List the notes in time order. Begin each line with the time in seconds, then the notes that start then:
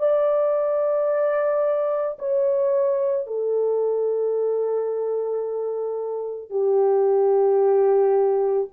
0.00 D5
2.19 C#5
3.27 A4
6.50 G4